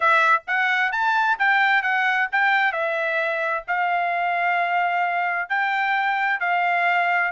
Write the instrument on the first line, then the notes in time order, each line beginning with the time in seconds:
trumpet
0.00 E5
0.47 F#5
0.92 A5
1.39 G5
1.82 F#5
2.32 G5
2.72 E5
3.67 F5
5.49 G5
6.39 F5